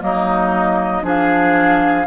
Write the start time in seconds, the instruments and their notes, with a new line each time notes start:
0.00 bassoon F#3, clarinet A#3, oboe D#4, flute D#5
1.02 bassoon F3, clarinet D4, oboe G#4, flute F5